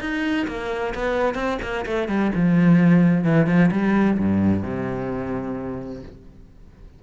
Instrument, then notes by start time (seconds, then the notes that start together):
cello
0.00 D#4
0.47 A#3
0.95 B3
1.35 C4
1.62 A#3
1.86 A3
2.08 G3
2.35 F3
3.24 E3
3.47 F3
3.71 G3
4.19 G2
4.63 C3